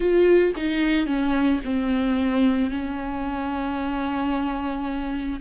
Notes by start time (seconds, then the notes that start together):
0.00 F4
0.56 D#4
1.06 C#4
1.64 C4
2.70 C#4